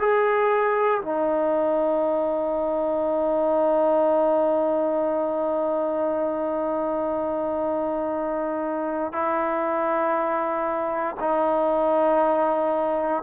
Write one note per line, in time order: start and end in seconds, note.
0.00 1.02 G#4
1.02 9.13 D#4
9.13 11.16 E4
11.20 13.23 D#4